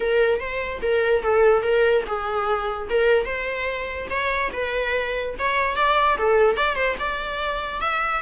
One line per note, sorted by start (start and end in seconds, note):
0.00 0.40 A#4
0.40 0.81 C5
0.82 1.22 A#4
1.22 1.62 A4
1.62 2.03 A#4
2.06 2.88 G#4
2.89 3.25 A#4
3.25 4.07 C5
4.09 4.51 C#5
4.52 5.35 B4
5.38 5.76 C#5
5.76 6.17 D5
6.17 6.56 A4
6.56 6.75 D5
6.75 6.95 C5
6.99 7.80 D5
7.80 8.21 E5